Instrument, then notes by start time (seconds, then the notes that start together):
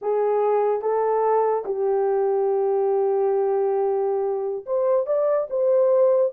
horn
0.01 G#4
0.81 A4
1.65 G4
4.66 C5
5.06 D5
5.50 C5